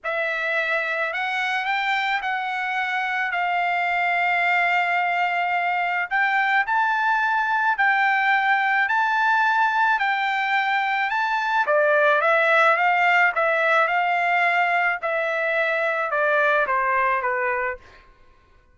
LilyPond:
\new Staff \with { instrumentName = "trumpet" } { \time 4/4 \tempo 4 = 108 e''2 fis''4 g''4 | fis''2 f''2~ | f''2. g''4 | a''2 g''2 |
a''2 g''2 | a''4 d''4 e''4 f''4 | e''4 f''2 e''4~ | e''4 d''4 c''4 b'4 | }